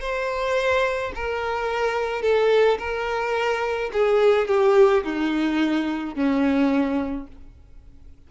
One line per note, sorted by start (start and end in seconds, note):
0.00 1.12 C5
1.15 2.22 A#4
2.22 2.78 A4
2.79 3.91 A#4
3.93 4.47 G#4
4.47 5.03 G4
5.04 6.15 D#4
6.15 7.27 C#4